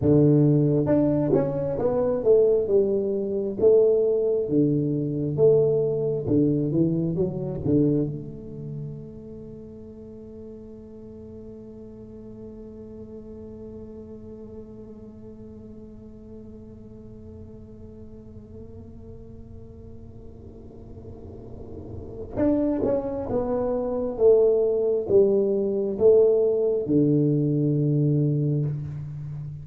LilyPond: \new Staff \with { instrumentName = "tuba" } { \time 4/4 \tempo 4 = 67 d4 d'8 cis'8 b8 a8 g4 | a4 d4 a4 d8 e8 | fis8 d8 a2.~ | a1~ |
a1~ | a1~ | a4 d'8 cis'8 b4 a4 | g4 a4 d2 | }